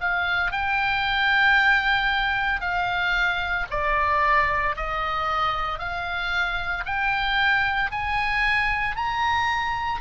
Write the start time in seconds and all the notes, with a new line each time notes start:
0.00 F5
0.51 G5
2.60 F5
3.70 D5
4.76 D#5
5.78 F5
6.85 G5
7.91 G#5
8.96 A#5